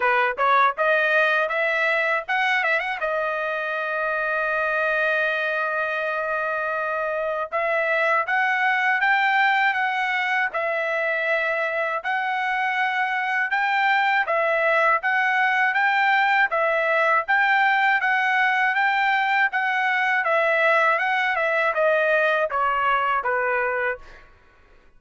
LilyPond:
\new Staff \with { instrumentName = "trumpet" } { \time 4/4 \tempo 4 = 80 b'8 cis''8 dis''4 e''4 fis''8 e''16 fis''16 | dis''1~ | dis''2 e''4 fis''4 | g''4 fis''4 e''2 |
fis''2 g''4 e''4 | fis''4 g''4 e''4 g''4 | fis''4 g''4 fis''4 e''4 | fis''8 e''8 dis''4 cis''4 b'4 | }